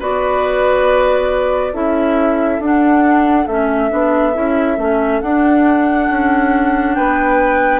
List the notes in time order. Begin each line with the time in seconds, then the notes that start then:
0.00 B3 F#4 B4 D5
1.73 C#4 E4 A4 E5
2.60 D4 F#5
3.47 A3 C#4 E5
3.90 B3 D4
4.34 C#4 E4
4.78 A3 C#4
5.21 D4 F#5
6.11 C#4
6.95 B3 B4 G5